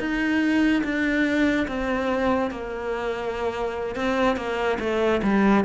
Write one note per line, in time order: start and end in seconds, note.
0.00 0.83 D#4
0.84 1.67 D4
1.68 2.51 C4
2.52 3.96 A#3
3.96 4.37 C4
4.37 4.79 A#3
4.80 5.22 A3
5.23 5.65 G3